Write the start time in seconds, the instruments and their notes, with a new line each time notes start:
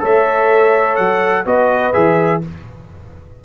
0.00 tuba A3, trombone A4, horn C#5, trumpet E5
0.96 tuba F#3, trumpet F#5
1.46 tuba B3, trombone F#4, horn B4, trumpet D#5
1.93 tuba E3, trombone G#4, trumpet E5